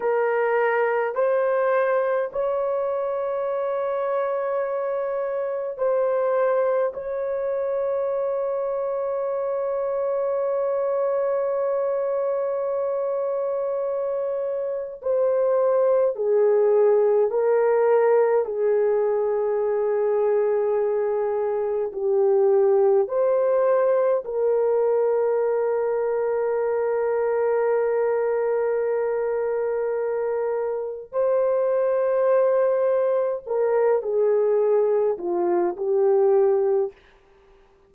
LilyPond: \new Staff \with { instrumentName = "horn" } { \time 4/4 \tempo 4 = 52 ais'4 c''4 cis''2~ | cis''4 c''4 cis''2~ | cis''1~ | cis''4 c''4 gis'4 ais'4 |
gis'2. g'4 | c''4 ais'2.~ | ais'2. c''4~ | c''4 ais'8 gis'4 f'8 g'4 | }